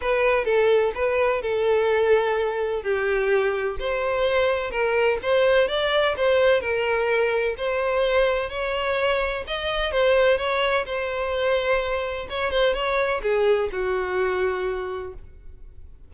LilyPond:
\new Staff \with { instrumentName = "violin" } { \time 4/4 \tempo 4 = 127 b'4 a'4 b'4 a'4~ | a'2 g'2 | c''2 ais'4 c''4 | d''4 c''4 ais'2 |
c''2 cis''2 | dis''4 c''4 cis''4 c''4~ | c''2 cis''8 c''8 cis''4 | gis'4 fis'2. | }